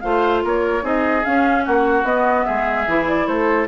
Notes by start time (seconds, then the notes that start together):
0.00 A3 F4 C5 F5
0.44 A#3 A#4 C#5
0.82 C4 D#4 G#4 D#5
1.24 C#4 F5
1.65 A#3 F#4 F#5
2.03 B3 D#5
2.45 G#3 G#4 E5
2.87 E3 E4
3.07 D5
3.27 A3 A4 C5